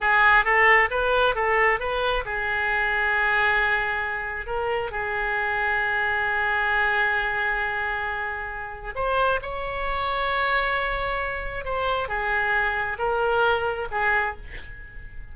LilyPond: \new Staff \with { instrumentName = "oboe" } { \time 4/4 \tempo 4 = 134 gis'4 a'4 b'4 a'4 | b'4 gis'2.~ | gis'2 ais'4 gis'4~ | gis'1~ |
gis'1 | c''4 cis''2.~ | cis''2 c''4 gis'4~ | gis'4 ais'2 gis'4 | }